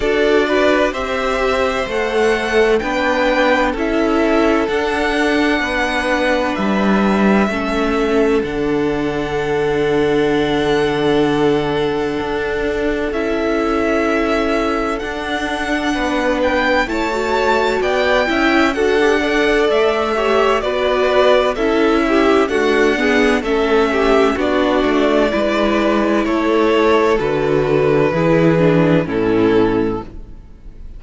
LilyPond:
<<
  \new Staff \with { instrumentName = "violin" } { \time 4/4 \tempo 4 = 64 d''4 e''4 fis''4 g''4 | e''4 fis''2 e''4~ | e''4 fis''2.~ | fis''2 e''2 |
fis''4. g''8 a''4 g''4 | fis''4 e''4 d''4 e''4 | fis''4 e''4 d''2 | cis''4 b'2 a'4 | }
  \new Staff \with { instrumentName = "violin" } { \time 4/4 a'8 b'8 c''2 b'4 | a'2 b'2 | a'1~ | a'1~ |
a'4 b'4 cis''4 d''8 e''8 | a'8 d''4 cis''8 b'4 a'8 g'8 | fis'8 gis'8 a'8 g'8 fis'4 b'4 | a'2 gis'4 e'4 | }
  \new Staff \with { instrumentName = "viola" } { \time 4/4 fis'4 g'4 a'4 d'4 | e'4 d'2. | cis'4 d'2.~ | d'2 e'2 |
d'2 e'16 fis'4~ fis'16 e'8 | fis'16 g'16 a'4 g'8 fis'4 e'4 | a8 b8 cis'4 d'4 e'4~ | e'4 fis'4 e'8 d'8 cis'4 | }
  \new Staff \with { instrumentName = "cello" } { \time 4/4 d'4 c'4 a4 b4 | cis'4 d'4 b4 g4 | a4 d2.~ | d4 d'4 cis'2 |
d'4 b4 a4 b8 cis'8 | d'4 a4 b4 cis'4 | d'4 a4 b8 a8 gis4 | a4 d4 e4 a,4 | }
>>